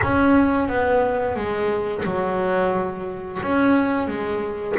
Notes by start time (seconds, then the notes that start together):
0.02 C#4
0.68 B3
1.35 G#3
2.04 F#3
3.42 C#4
4.07 G#3